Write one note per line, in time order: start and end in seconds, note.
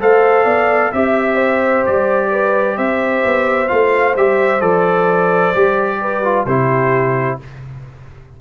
0.00 0.45 A3
0.00 0.92 A4
0.00 0.45 C5
0.00 0.92 F5
0.45 0.91 B3
0.45 0.91 D5
0.92 1.85 C4
0.92 3.68 G4
0.92 1.85 E5
0.92 1.36 E5
1.36 2.28 C5
1.86 2.78 G3
1.86 2.78 D5
2.31 2.76 B4
2.76 3.24 C4
2.76 5.99 C5
2.76 3.68 E5
3.25 3.71 B3
3.68 4.16 A3
3.68 4.14 F4
3.68 4.15 F5
4.16 4.61 G3
4.16 4.61 G4
4.16 4.61 E5
4.61 5.53 F3
4.61 5.53 A4
4.61 6.46 D5
5.55 6.46 G3
5.55 6.24 G4
6.01 6.46 B4
6.24 6.47 F4
6.46 7.38 C3
6.46 7.41 E4
6.46 7.38 G4
6.46 7.39 C5